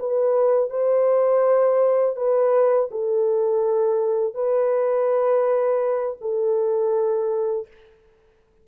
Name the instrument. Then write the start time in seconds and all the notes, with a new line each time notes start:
horn
0.00 B4
0.70 C5
2.17 B4
2.92 A4
4.34 B4
6.22 A4